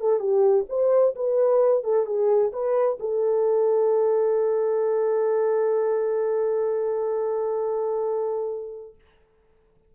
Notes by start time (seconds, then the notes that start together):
0.00 A4
0.19 G4
0.69 C5
1.15 B4
1.84 A4
2.06 G#4
2.52 B4
3.00 A4